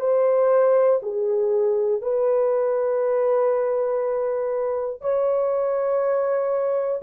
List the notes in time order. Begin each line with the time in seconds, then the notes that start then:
0.00 C5
1.02 G#4
2.01 B4
5.01 C#5